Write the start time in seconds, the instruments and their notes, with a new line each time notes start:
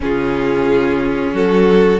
0.00 cello C#3, viola C#4, violin F4 G#4
1.33 cello F#3, violin F#4 A4